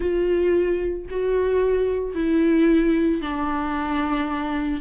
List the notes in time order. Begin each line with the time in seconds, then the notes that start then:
0.00 F4
1.10 F#4
2.14 E4
3.21 D4